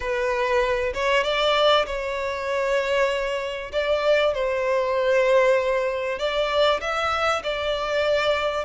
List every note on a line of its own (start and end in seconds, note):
0.00 0.93 B4
0.93 1.23 C#5
1.23 1.85 D5
1.86 3.71 C#5
3.72 4.34 D5
4.34 6.18 C5
6.18 6.80 D5
6.80 7.42 E5
7.43 8.64 D5